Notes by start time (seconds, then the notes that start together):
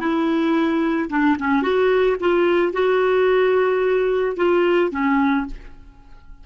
0.00 E4
1.09 D4
1.39 C#4
1.62 F#4
2.20 F4
2.73 F#4
4.36 F4
4.91 C#4